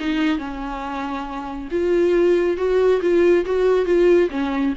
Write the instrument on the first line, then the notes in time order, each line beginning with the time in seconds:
viola
0.00 D#4
0.38 C#4
1.72 F4
2.57 F#4
3.02 F4
3.45 F#4
3.86 F4
4.31 C#4